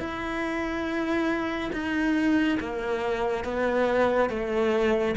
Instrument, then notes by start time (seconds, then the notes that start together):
cello
0.00 E4
1.73 D#4
2.61 A#3
3.45 B3
4.30 A3